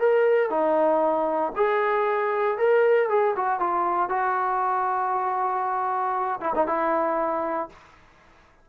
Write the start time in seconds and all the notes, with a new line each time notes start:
0.00 A#4
0.51 D#4
1.57 G#4
2.59 A#4
3.10 G#4
3.37 F#4
3.60 F4
4.10 F#4
6.41 E4
6.56 D#4
6.67 E4